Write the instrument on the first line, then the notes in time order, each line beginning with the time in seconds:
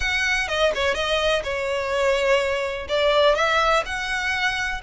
violin
0.00 F#5
0.48 D#5
0.74 C#5
0.94 D#5
1.43 C#5
2.88 D5
3.35 E5
3.85 F#5